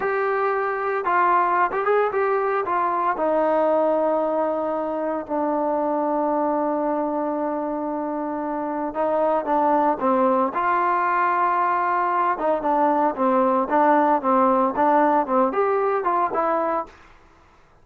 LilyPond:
\new Staff \with { instrumentName = "trombone" } { \time 4/4 \tempo 4 = 114 g'2 f'4~ f'16 g'16 gis'8 | g'4 f'4 dis'2~ | dis'2 d'2~ | d'1~ |
d'4 dis'4 d'4 c'4 | f'2.~ f'8 dis'8 | d'4 c'4 d'4 c'4 | d'4 c'8 g'4 f'8 e'4 | }